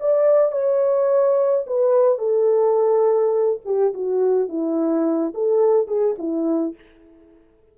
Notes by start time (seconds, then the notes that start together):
0.00 D5
0.52 C#5
1.67 B4
2.19 A4
3.65 G4
3.94 F#4
4.49 E4
5.35 A4
5.88 G#4
6.19 E4